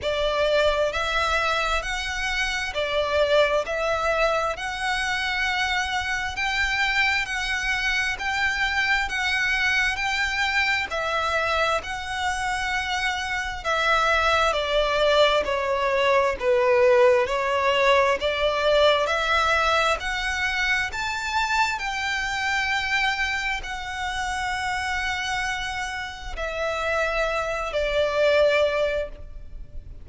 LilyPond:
\new Staff \with { instrumentName = "violin" } { \time 4/4 \tempo 4 = 66 d''4 e''4 fis''4 d''4 | e''4 fis''2 g''4 | fis''4 g''4 fis''4 g''4 | e''4 fis''2 e''4 |
d''4 cis''4 b'4 cis''4 | d''4 e''4 fis''4 a''4 | g''2 fis''2~ | fis''4 e''4. d''4. | }